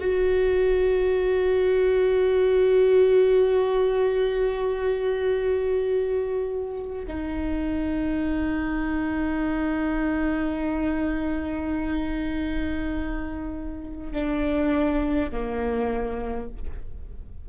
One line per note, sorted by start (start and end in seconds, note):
0.00 7.06 F#4
7.08 14.13 D#4
14.13 15.31 D4
15.32 16.49 A#3